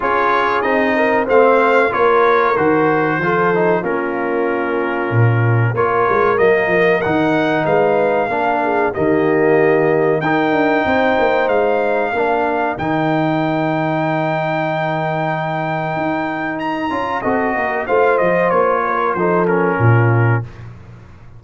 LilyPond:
<<
  \new Staff \with { instrumentName = "trumpet" } { \time 4/4 \tempo 4 = 94 cis''4 dis''4 f''4 cis''4 | c''2 ais'2~ | ais'4 cis''4 dis''4 fis''4 | f''2 dis''2 |
g''2 f''2 | g''1~ | g''2 ais''4 dis''4 | f''8 dis''8 cis''4 c''8 ais'4. | }
  \new Staff \with { instrumentName = "horn" } { \time 4/4 gis'4. ais'8 c''4 ais'4~ | ais'4 a'4 f'2~ | f'4 ais'2. | b'4 ais'8 gis'8 g'2 |
ais'4 c''2 ais'4~ | ais'1~ | ais'2. a'8 ais'8 | c''4. ais'8 a'4 f'4 | }
  \new Staff \with { instrumentName = "trombone" } { \time 4/4 f'4 dis'4 c'4 f'4 | fis'4 f'8 dis'8 cis'2~ | cis'4 f'4 ais4 dis'4~ | dis'4 d'4 ais2 |
dis'2. d'4 | dis'1~ | dis'2~ dis'8 f'8 fis'4 | f'2 dis'8 cis'4. | }
  \new Staff \with { instrumentName = "tuba" } { \time 4/4 cis'4 c'4 a4 ais4 | dis4 f4 ais2 | ais,4 ais8 gis8 fis8 f8 dis4 | gis4 ais4 dis2 |
dis'8 d'8 c'8 ais8 gis4 ais4 | dis1~ | dis4 dis'4. cis'8 c'8 ais8 | a8 f8 ais4 f4 ais,4 | }
>>